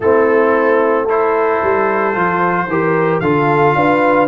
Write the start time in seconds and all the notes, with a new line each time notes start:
0.00 A3 C4 E4 A4
1.04 E4 A4 C5
1.62 G3
2.13 F3 F4
2.67 E3 G4 A#4
3.20 D3 F4 A4 F5
3.75 D4 B4